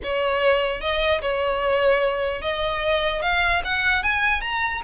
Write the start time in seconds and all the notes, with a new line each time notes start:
0.03 C#5
0.81 D#5
1.21 C#5
2.41 D#5
3.22 F5
3.64 F#5
4.03 G#5
4.41 A#5